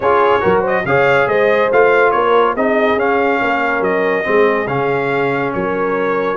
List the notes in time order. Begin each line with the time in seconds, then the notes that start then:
0.00 C#4 F4 G#4 C#5
0.40 F#3 F#4 A#4
0.60 C5 D#5
0.85 C#3 G#4 C#5 F5
1.27 G#3 C5 D#5
1.71 A3 F4 F5
2.11 A#3 A#4 C#5
2.54 C4 D#4 G#4 D#5
2.95 C#4 F5
3.41 A#3 A#4
3.80 F#3 D#5
4.23 G#3 C4 G#4
4.67 C#3 C#4 F5
5.53 F#3 A#4 C#5